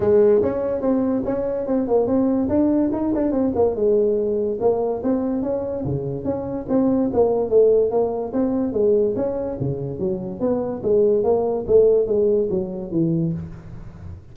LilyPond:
\new Staff \with { instrumentName = "tuba" } { \time 4/4 \tempo 4 = 144 gis4 cis'4 c'4 cis'4 | c'8 ais8 c'4 d'4 dis'8 d'8 | c'8 ais8 gis2 ais4 | c'4 cis'4 cis4 cis'4 |
c'4 ais4 a4 ais4 | c'4 gis4 cis'4 cis4 | fis4 b4 gis4 ais4 | a4 gis4 fis4 e4 | }